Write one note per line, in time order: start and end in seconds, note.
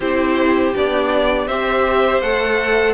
0.00 0.73 C4
0.00 0.74 E4
0.00 1.47 G4
0.00 0.74 C5
0.74 1.47 B3
0.74 1.48 D4
0.74 1.47 D5
1.47 2.21 C4
1.47 2.23 G4
1.47 2.93 C5
1.47 2.21 E5
2.21 2.93 A3
2.21 2.93 A4
2.21 2.93 F#5